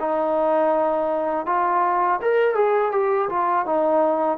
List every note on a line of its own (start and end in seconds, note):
0.00 1.46 D#4
1.46 2.20 F4
2.21 2.55 A#4
2.55 2.92 G#4
2.92 3.29 G4
3.29 3.65 F4
3.65 4.38 D#4